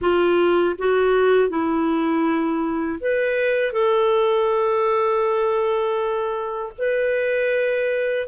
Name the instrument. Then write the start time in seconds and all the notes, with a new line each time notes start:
clarinet
0.01 F4
0.78 F#4
1.49 E4
3.00 B4
3.72 A4
6.78 B4